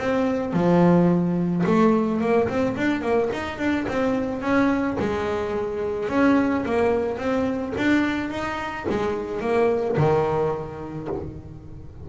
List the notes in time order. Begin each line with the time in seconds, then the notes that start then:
0.00 C4
0.54 F3
1.67 A3
2.21 A#3
2.49 C4
2.77 D4
3.02 A#3
3.34 D#4
3.59 D4
3.89 C4
4.42 C#4
5.00 G#3
6.10 C#4
6.66 A#3
7.18 C4
7.78 D4
8.31 D#4
8.90 G#3
9.41 A#3
9.97 D#3